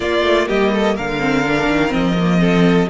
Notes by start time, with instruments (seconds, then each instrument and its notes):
0.00 viola A#3, cello A#3, violin F4 D5
0.22 cello A3
0.47 cello G3, violin G4 D#5
0.72 violin A4
0.94 cello D3, violin A#4 F5
1.19 viola C4
1.43 viola D4
1.69 cello D#3
1.89 cello F3, viola C4, violin D#5
2.18 viola A#3
2.38 viola C4, violin A4